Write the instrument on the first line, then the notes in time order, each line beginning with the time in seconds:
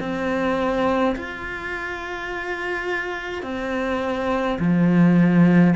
cello
0.00 C4
1.16 F4
3.43 C4
4.59 F3